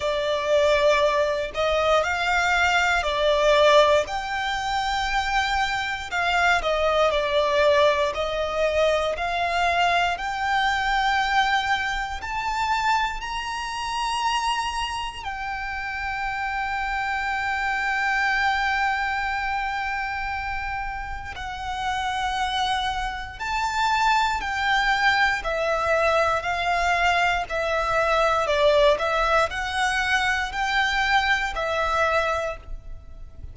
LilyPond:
\new Staff \with { instrumentName = "violin" } { \time 4/4 \tempo 4 = 59 d''4. dis''8 f''4 d''4 | g''2 f''8 dis''8 d''4 | dis''4 f''4 g''2 | a''4 ais''2 g''4~ |
g''1~ | g''4 fis''2 a''4 | g''4 e''4 f''4 e''4 | d''8 e''8 fis''4 g''4 e''4 | }